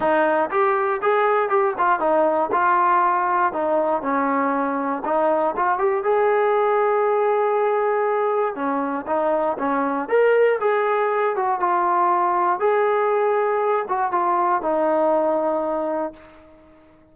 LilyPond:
\new Staff \with { instrumentName = "trombone" } { \time 4/4 \tempo 4 = 119 dis'4 g'4 gis'4 g'8 f'8 | dis'4 f'2 dis'4 | cis'2 dis'4 f'8 g'8 | gis'1~ |
gis'4 cis'4 dis'4 cis'4 | ais'4 gis'4. fis'8 f'4~ | f'4 gis'2~ gis'8 fis'8 | f'4 dis'2. | }